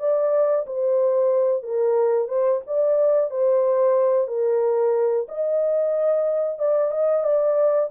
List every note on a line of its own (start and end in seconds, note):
0.00 0.66 D5
0.67 1.63 C5
1.63 2.29 A#4
2.29 2.62 C5
2.67 3.31 D5
3.31 4.28 C5
4.28 5.27 A#4
5.29 6.59 D#5
6.59 6.92 D5
6.92 7.24 D#5
7.24 7.90 D5